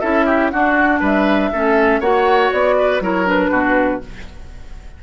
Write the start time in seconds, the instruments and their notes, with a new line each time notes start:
0.00 bassoon C#4, clarinet E4, oboe A4, flute E5
0.26 oboe G4
0.51 clarinet D4, bassoon D4, oboe F#4, flute F#5
1.00 bassoon G3, oboe B4, flute E5
1.53 bassoon A3, clarinet C#4, oboe A4
2.01 bassoon A#3, clarinet F#4, oboe C#5, flute F#5
2.53 bassoon B3, flute D5
2.78 oboe B4
3.01 bassoon F#3, clarinet E4, oboe A#4, flute C#5
3.26 clarinet D4, flute B4
3.51 bassoon B2, oboe F#4